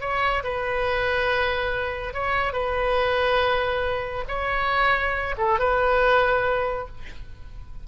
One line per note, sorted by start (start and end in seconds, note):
0.00 0.43 C#5
0.43 2.13 B4
2.13 2.53 C#5
2.53 4.24 B4
4.28 5.35 C#5
5.37 5.59 A4
5.59 6.87 B4